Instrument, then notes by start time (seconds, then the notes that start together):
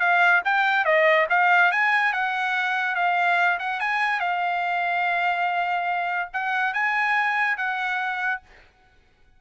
trumpet
0.00 F5
0.45 G5
0.85 D#5
1.30 F5
1.72 G#5
2.13 F#5
2.96 F5
3.60 F#5
3.80 G#5
4.20 F5
6.34 F#5
6.74 G#5
7.58 F#5